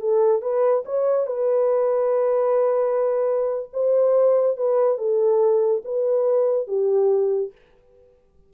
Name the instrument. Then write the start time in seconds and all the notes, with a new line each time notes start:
horn
0.00 A4
0.42 B4
0.85 C#5
1.27 B4
3.73 C5
4.57 B4
4.98 A4
5.84 B4
6.67 G4